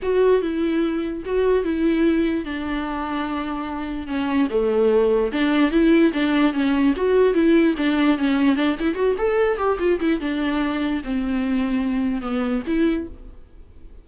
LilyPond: \new Staff \with { instrumentName = "viola" } { \time 4/4 \tempo 4 = 147 fis'4 e'2 fis'4 | e'2 d'2~ | d'2 cis'4 a4~ | a4 d'4 e'4 d'4 |
cis'4 fis'4 e'4 d'4 | cis'4 d'8 e'8 fis'8 a'4 g'8 | f'8 e'8 d'2 c'4~ | c'2 b4 e'4 | }